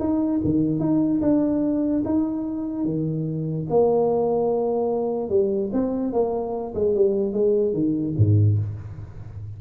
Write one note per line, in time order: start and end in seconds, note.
0.00 0.41 D#4
0.44 0.80 D#3
0.80 1.21 D#4
1.22 2.03 D4
2.05 2.85 D#4
2.85 3.66 D#3
3.70 5.30 A#3
5.30 5.71 G3
5.73 6.13 C4
6.13 6.74 A#3
6.75 6.95 G#3
6.95 7.33 G3
7.33 7.73 G#3
7.73 8.14 D#3
8.17 8.58 G#2